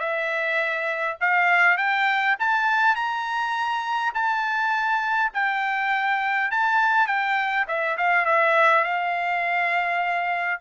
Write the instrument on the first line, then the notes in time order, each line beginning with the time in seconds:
trumpet
0.00 E5
1.21 F5
1.78 G5
2.39 A5
2.95 A#5
4.14 A5
5.33 G5
6.51 A5
7.07 G5
7.68 E5
7.97 F5
8.25 E5
8.84 F5